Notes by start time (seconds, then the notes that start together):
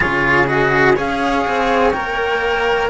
0.00 C#3 F4 G#4 C#5
0.46 F#4 D#5
0.95 C#4 G#4 C#5 F5
1.47 C4
1.91 A#3 A#4 G5